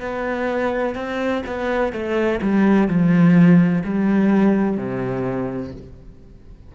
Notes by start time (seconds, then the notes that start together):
0.00 B3
0.95 C4
1.46 B3
1.93 A3
2.42 G3
2.88 F3
3.84 G3
4.77 C3